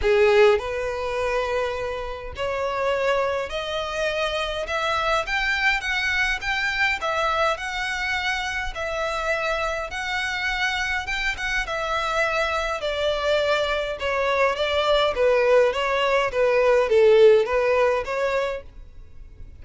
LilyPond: \new Staff \with { instrumentName = "violin" } { \time 4/4 \tempo 4 = 103 gis'4 b'2. | cis''2 dis''2 | e''4 g''4 fis''4 g''4 | e''4 fis''2 e''4~ |
e''4 fis''2 g''8 fis''8 | e''2 d''2 | cis''4 d''4 b'4 cis''4 | b'4 a'4 b'4 cis''4 | }